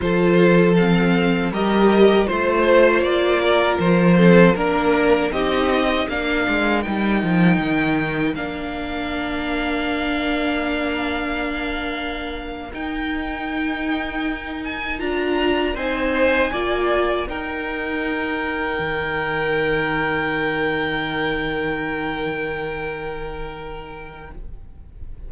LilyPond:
<<
  \new Staff \with { instrumentName = "violin" } { \time 4/4 \tempo 4 = 79 c''4 f''4 dis''4 c''4 | d''4 c''4 ais'4 dis''4 | f''4 g''2 f''4~ | f''1~ |
f''8. g''2~ g''8 gis''8 ais''16~ | ais''8. gis''2 g''4~ g''16~ | g''1~ | g''1 | }
  \new Staff \with { instrumentName = "violin" } { \time 4/4 a'2 ais'4 c''4~ | c''8 ais'4 a'8 ais'4 g'4 | ais'1~ | ais'1~ |
ais'1~ | ais'8. c''4 d''4 ais'4~ ais'16~ | ais'1~ | ais'1 | }
  \new Staff \with { instrumentName = "viola" } { \time 4/4 f'4 c'4 g'4 f'4~ | f'4. c'8 d'4 dis'4 | d'4 dis'2 d'4~ | d'1~ |
d'8. dis'2. f'16~ | f'8. dis'4 f'4 dis'4~ dis'16~ | dis'1~ | dis'1 | }
  \new Staff \with { instrumentName = "cello" } { \time 4/4 f2 g4 a4 | ais4 f4 ais4 c'4 | ais8 gis8 g8 f8 dis4 ais4~ | ais1~ |
ais8. dis'2. d'16~ | d'8. c'4 ais4 dis'4~ dis'16~ | dis'8. dis2.~ dis16~ | dis1 | }
>>